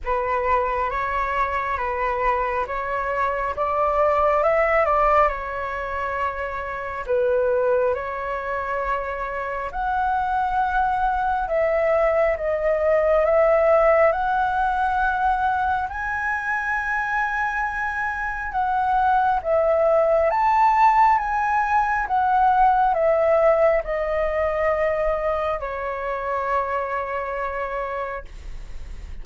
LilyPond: \new Staff \with { instrumentName = "flute" } { \time 4/4 \tempo 4 = 68 b'4 cis''4 b'4 cis''4 | d''4 e''8 d''8 cis''2 | b'4 cis''2 fis''4~ | fis''4 e''4 dis''4 e''4 |
fis''2 gis''2~ | gis''4 fis''4 e''4 a''4 | gis''4 fis''4 e''4 dis''4~ | dis''4 cis''2. | }